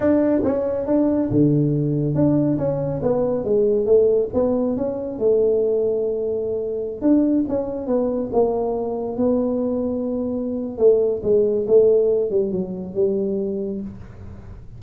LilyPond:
\new Staff \with { instrumentName = "tuba" } { \time 4/4 \tempo 4 = 139 d'4 cis'4 d'4 d4~ | d4 d'4 cis'4 b4 | gis4 a4 b4 cis'4 | a1~ |
a16 d'4 cis'4 b4 ais8.~ | ais4~ ais16 b2~ b8.~ | b4 a4 gis4 a4~ | a8 g8 fis4 g2 | }